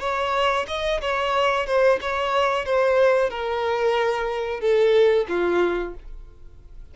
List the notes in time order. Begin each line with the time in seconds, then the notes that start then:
0.00 C#5
0.68 D#5
1.01 C#5
1.66 C5
2.01 C#5
2.65 C5
3.30 A#4
4.60 A4
5.28 F4